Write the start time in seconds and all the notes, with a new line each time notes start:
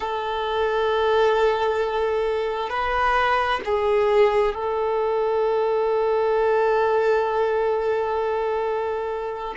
0.00 A4
2.69 B4
3.65 G#4
4.54 A4